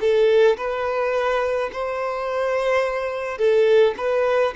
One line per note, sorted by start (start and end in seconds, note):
0.00 0.57 A4
0.57 1.70 B4
1.72 3.38 C5
3.38 3.94 A4
3.97 4.54 B4